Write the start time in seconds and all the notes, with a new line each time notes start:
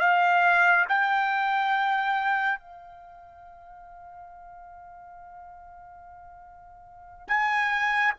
0.00 F5
0.88 G5
2.59 F5
7.28 G#5